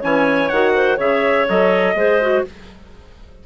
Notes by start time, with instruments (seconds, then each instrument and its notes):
0.00 bassoon E3, clarinet C#4 C#5, trumpet G#5
0.49 bassoon D#3, clarinet F#4, trumpet F#5
0.74 clarinet C5
0.97 bassoon C#3, clarinet G#4 C#5, trumpet E5
1.49 bassoon F#3, clarinet A4, trumpet D#5
1.95 bassoon G#3, clarinet G#4 C5
2.21 clarinet F#4